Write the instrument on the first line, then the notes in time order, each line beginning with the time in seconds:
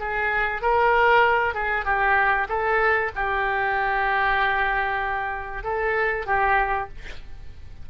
oboe
0.00 G#4
0.62 A#4
1.55 G#4
1.86 G4
2.49 A4
3.16 G4
5.64 A4
6.26 G4